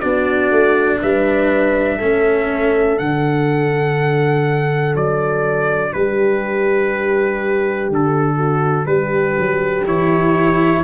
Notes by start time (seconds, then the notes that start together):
0.00 B3 D4 F#4 D5
0.51 A3
1.02 G3 B4 E5
1.97 A3 C#4 A4
2.94 D3 D4 F#5
4.95 F#3 D5
5.93 G3 G4 B4
7.89 D3 A4
8.36 F#4
8.86 G3 G4 B4
9.38 F#3
9.86 E3 E4 C#5